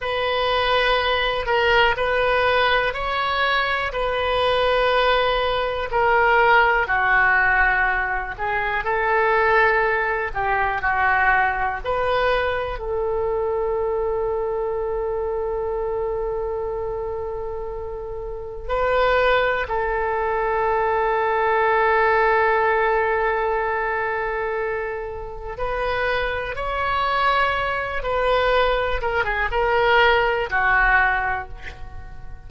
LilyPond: \new Staff \with { instrumentName = "oboe" } { \time 4/4 \tempo 4 = 61 b'4. ais'8 b'4 cis''4 | b'2 ais'4 fis'4~ | fis'8 gis'8 a'4. g'8 fis'4 | b'4 a'2.~ |
a'2. b'4 | a'1~ | a'2 b'4 cis''4~ | cis''8 b'4 ais'16 gis'16 ais'4 fis'4 | }